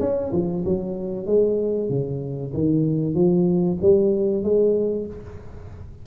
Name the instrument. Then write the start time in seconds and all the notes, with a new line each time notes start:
tuba
0.00 C#4
0.32 F3
0.65 F#3
1.26 G#3
1.89 C#3
2.53 D#3
3.14 F3
3.82 G3
4.43 G#3